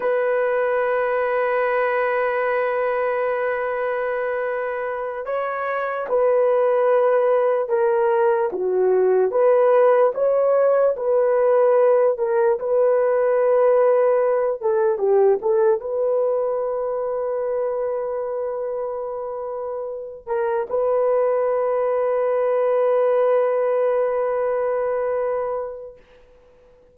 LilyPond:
\new Staff \with { instrumentName = "horn" } { \time 4/4 \tempo 4 = 74 b'1~ | b'2~ b'8 cis''4 b'8~ | b'4. ais'4 fis'4 b'8~ | b'8 cis''4 b'4. ais'8 b'8~ |
b'2 a'8 g'8 a'8 b'8~ | b'1~ | b'4 ais'8 b'2~ b'8~ | b'1 | }